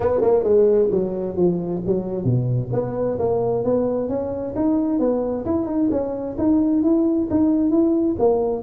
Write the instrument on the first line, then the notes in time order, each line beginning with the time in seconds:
tuba
0.00 B3
0.21 A#3
0.43 G#3
0.91 F#3
1.36 F3
1.86 F#3
2.24 B2
2.72 B3
3.18 A#3
3.64 B3
4.08 C#4
4.55 D#4
4.99 B3
5.45 E4
5.66 D#4
5.90 C#4
6.38 D#4
6.83 E4
7.30 D#4
7.70 E4
8.19 A#3